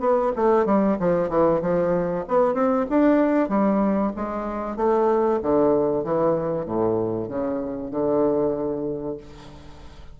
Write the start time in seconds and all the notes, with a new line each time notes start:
0.00 B3
0.36 A3
0.66 G3
1.00 F3
1.29 E3
1.62 F3
2.28 B3
2.54 C4
2.90 D4
3.49 G3
4.16 G#3
4.77 A3
5.43 D3
6.04 E3
6.66 A2
7.29 C#3
7.91 D3